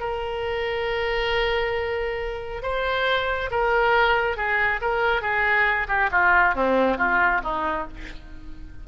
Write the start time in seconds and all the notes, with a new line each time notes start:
0.00 A#4
2.63 C5
3.51 A#4
4.37 G#4
4.81 A#4
5.22 G#4
5.88 G4
6.11 F4
6.55 C4
6.98 F4
7.44 D#4